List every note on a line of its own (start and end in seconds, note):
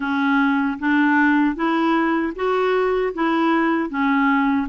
0.00 0.78 C#4
0.79 1.55 D4
1.55 2.33 E4
2.35 3.13 F#4
3.13 3.89 E4
3.89 4.67 C#4